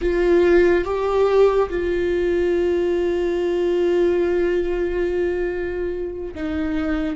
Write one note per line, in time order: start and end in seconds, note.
0.01 0.84 F4
0.84 1.69 G4
1.69 6.34 F4
6.35 7.16 D#4